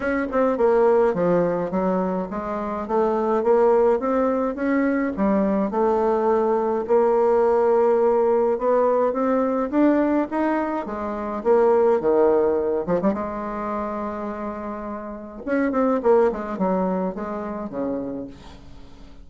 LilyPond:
\new Staff \with { instrumentName = "bassoon" } { \time 4/4 \tempo 4 = 105 cis'8 c'8 ais4 f4 fis4 | gis4 a4 ais4 c'4 | cis'4 g4 a2 | ais2. b4 |
c'4 d'4 dis'4 gis4 | ais4 dis4. f16 g16 gis4~ | gis2. cis'8 c'8 | ais8 gis8 fis4 gis4 cis4 | }